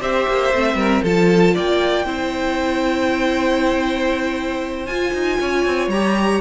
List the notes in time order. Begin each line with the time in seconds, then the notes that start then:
0.00 C4 G4 C5 E5
0.28 A#3
0.53 A3 C4
0.74 G3 A#4
1.02 F3 F4 A4 A5
1.54 A#3 D5 G5
2.05 C4 E4 C5
4.86 F4 G#5
5.13 D#4
5.40 C#4 C#5
5.66 C4
5.87 G3 A#5
5.93 G4